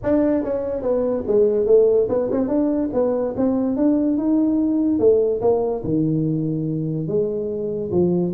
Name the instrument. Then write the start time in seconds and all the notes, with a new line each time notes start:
tuba
0.03 D4
0.43 C#4
0.82 B3
1.27 G#3
1.66 A3
2.08 B3
2.31 C4
2.48 D4
2.93 B3
3.36 C4
3.76 D4
4.17 D#4
4.99 A3
5.41 A#3
5.84 D#3
7.07 G#3
7.91 F3